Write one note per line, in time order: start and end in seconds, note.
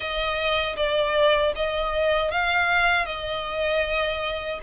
0.00 0.76 D#5
0.76 1.53 D5
1.55 2.31 D#5
2.31 3.05 F5
3.05 4.59 D#5